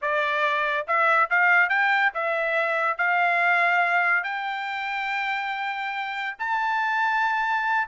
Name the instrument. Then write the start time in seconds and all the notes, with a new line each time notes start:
trumpet
0.01 D5
0.87 E5
1.30 F5
1.69 G5
2.14 E5
2.97 F5
4.23 G5
6.38 A5